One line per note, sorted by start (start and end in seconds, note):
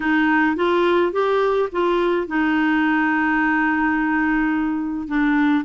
0.00 0.56 D#4
0.56 1.12 F4
1.12 1.69 G4
1.71 2.27 F4
2.27 5.07 D#4
5.07 5.64 D4